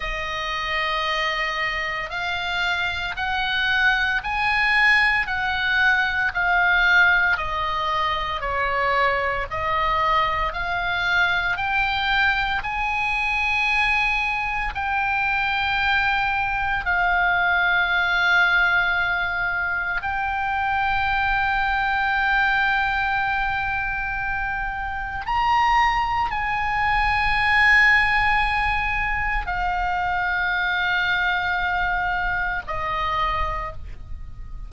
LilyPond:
\new Staff \with { instrumentName = "oboe" } { \time 4/4 \tempo 4 = 57 dis''2 f''4 fis''4 | gis''4 fis''4 f''4 dis''4 | cis''4 dis''4 f''4 g''4 | gis''2 g''2 |
f''2. g''4~ | g''1 | ais''4 gis''2. | f''2. dis''4 | }